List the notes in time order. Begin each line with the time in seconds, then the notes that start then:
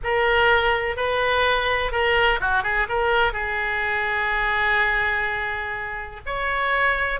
0.03 A#4
0.96 B4
1.91 A#4
2.40 F#4
2.63 G#4
2.88 A#4
3.33 G#4
6.25 C#5